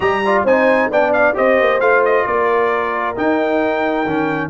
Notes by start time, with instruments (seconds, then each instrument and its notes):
0.00 tuba G3, trombone G4, horn D#5, trumpet A#5
0.25 trombone F4, horn D5
0.44 tuba C4, trombone D#4, horn C5, trumpet G#5
0.89 tuba B3, trombone D4, horn D5, trumpet G5
1.12 trumpet F5
1.33 tuba C4, trombone G4, horn C5, trumpet D#5
1.59 tuba A#3
1.80 tuba A3, trombone F4, trumpet F5
2.04 trumpet D#5
2.26 tuba A#3, horn A#4, trumpet D5
3.15 trombone D#4, tuba D#4, trumpet G5
4.05 tuba D#3, trombone C#4